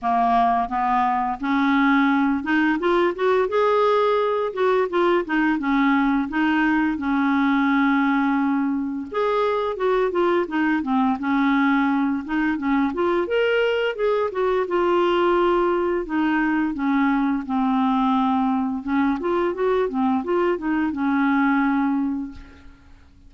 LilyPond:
\new Staff \with { instrumentName = "clarinet" } { \time 4/4 \tempo 4 = 86 ais4 b4 cis'4. dis'8 | f'8 fis'8 gis'4. fis'8 f'8 dis'8 | cis'4 dis'4 cis'2~ | cis'4 gis'4 fis'8 f'8 dis'8 c'8 |
cis'4. dis'8 cis'8 f'8 ais'4 | gis'8 fis'8 f'2 dis'4 | cis'4 c'2 cis'8 f'8 | fis'8 c'8 f'8 dis'8 cis'2 | }